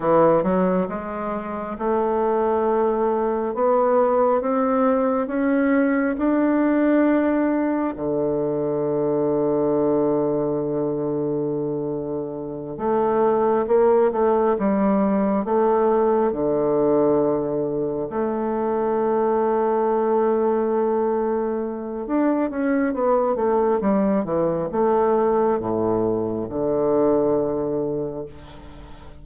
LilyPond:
\new Staff \with { instrumentName = "bassoon" } { \time 4/4 \tempo 4 = 68 e8 fis8 gis4 a2 | b4 c'4 cis'4 d'4~ | d'4 d2.~ | d2~ d8 a4 ais8 |
a8 g4 a4 d4.~ | d8 a2.~ a8~ | a4 d'8 cis'8 b8 a8 g8 e8 | a4 a,4 d2 | }